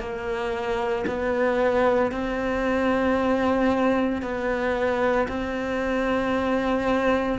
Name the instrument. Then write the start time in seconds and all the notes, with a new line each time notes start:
cello
0.00 A#3
1.07 B3
2.12 C4
4.22 B3
5.29 C4